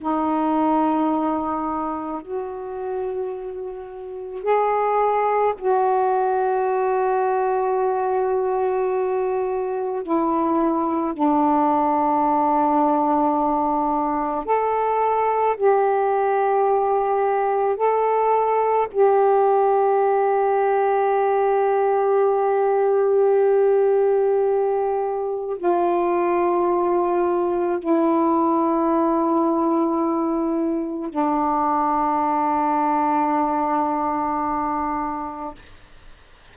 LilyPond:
\new Staff \with { instrumentName = "saxophone" } { \time 4/4 \tempo 4 = 54 dis'2 fis'2 | gis'4 fis'2.~ | fis'4 e'4 d'2~ | d'4 a'4 g'2 |
a'4 g'2.~ | g'2. f'4~ | f'4 e'2. | d'1 | }